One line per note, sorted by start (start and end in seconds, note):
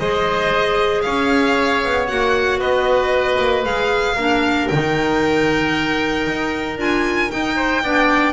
0.00 1.05 G#3
0.00 2.09 G#4
0.00 1.05 C5
0.00 1.02 D#5
1.02 1.85 C#4
1.02 2.60 C#5
1.02 2.06 F5
1.85 2.11 B3
2.08 2.59 A#3
2.08 3.65 F#4
2.08 2.60 F#5
2.59 3.38 B3
2.59 4.15 B4
2.59 3.65 D#5
3.39 3.65 A#3
3.65 4.17 G#3
3.65 4.17 G#4
3.65 4.68 F5
4.15 4.70 A#3
4.15 4.71 D4
4.15 7.54 A#4
4.68 6.28 D#3
4.68 6.78 D#4
4.68 6.77 G5
6.28 6.78 D#4
6.78 7.30 D4
6.78 7.30 F4
6.78 7.31 G#5
7.30 7.82 D#4
7.30 7.84 D#4
7.30 8.33 G5
7.56 7.82 C5
7.84 8.33 B3
7.84 8.33 D4
7.84 8.33 D5